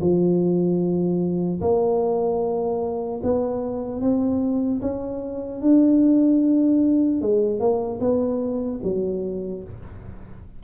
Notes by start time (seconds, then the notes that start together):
0.00 F3
1.61 A#3
3.23 B3
4.01 C4
4.81 C#4
5.61 D4
7.21 G#3
7.60 A#3
8.00 B3
8.83 F#3